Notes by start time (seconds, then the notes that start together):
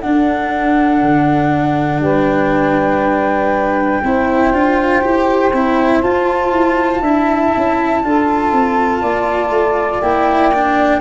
0.00 D4 A4 F#5
1.02 D3
2.00 G3 B4 G5
4.03 C4 E4 C5
4.53 D4 F4
5.02 E4 G4
5.53 C4 E4
6.01 F4 A5
6.52 E4
7.01 D4 E4 E5
7.56 C#4
8.04 D4 F4 A4
8.52 C4
9.01 A#3 D5
9.50 A3
10.01 A#3 E4 G5
10.54 D4